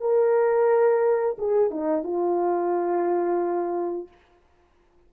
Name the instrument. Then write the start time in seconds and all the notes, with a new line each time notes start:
horn
0.00 A#4
1.38 G#4
1.70 D#4
2.03 F4